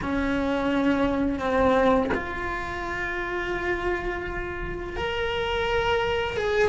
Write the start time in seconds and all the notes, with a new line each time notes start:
0.02 C#4
1.39 C4
2.14 F4
4.96 A#4
6.37 G#4